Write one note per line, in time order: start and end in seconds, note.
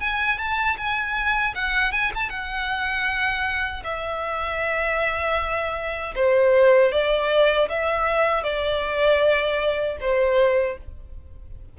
0.00 0.38 G#5
0.38 0.77 A5
0.77 1.54 G#5
1.55 1.92 F#5
1.92 2.11 G#5
2.14 2.29 A5
2.29 3.83 F#5
3.84 6.14 E5
6.15 6.91 C5
6.91 7.68 D5
7.69 8.43 E5
8.43 9.97 D5
10.00 10.77 C5